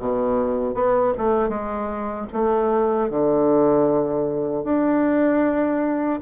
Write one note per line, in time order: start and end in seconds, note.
0.00 0.75 B2
0.75 1.14 B3
1.18 1.49 A3
1.49 2.27 G#3
2.33 3.10 A3
3.10 4.64 D3
4.64 6.20 D4